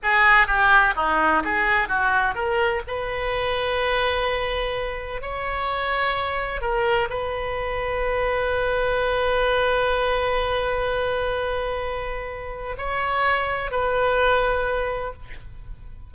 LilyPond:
\new Staff \with { instrumentName = "oboe" } { \time 4/4 \tempo 4 = 127 gis'4 g'4 dis'4 gis'4 | fis'4 ais'4 b'2~ | b'2. cis''4~ | cis''2 ais'4 b'4~ |
b'1~ | b'1~ | b'2. cis''4~ | cis''4 b'2. | }